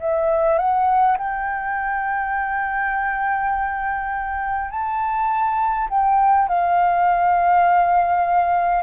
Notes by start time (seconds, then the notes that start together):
0.00 E5
0.59 F#5
1.18 G5
4.71 A5
5.90 G5
6.49 F5